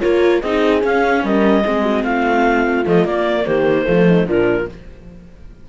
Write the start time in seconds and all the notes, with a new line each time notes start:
0.00 A#3 F4 A#4 C#5
0.41 C4 D#4 G#4 D#5
0.80 C#4 F5
1.23 G3 A#4 D#5
1.63 G#3 C4 G#4
1.83 F#4
2.03 A3 F4 F5
2.85 F3 A3 D#5
3.04 A#3 D5
3.45 D#3 G4 C5
3.85 F3 A3 F4
4.07 D#4
4.25 A#2 F3 D4 A#4